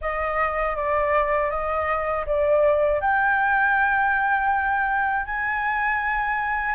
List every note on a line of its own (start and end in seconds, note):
0.01 0.76 D#5
0.76 1.50 D5
1.50 2.25 D#5
2.26 3.00 D5
3.00 5.25 G5
5.25 6.75 G#5